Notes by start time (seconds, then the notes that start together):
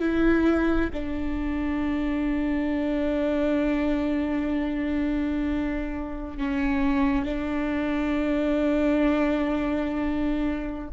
0.00 E4
0.94 D4
6.38 C#4
7.26 D4